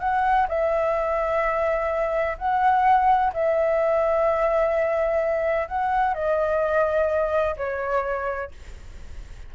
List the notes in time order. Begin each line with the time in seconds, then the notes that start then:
0.00 F#5
0.49 E5
2.38 F#5
3.33 E5
5.68 F#5
6.14 D#5
7.57 C#5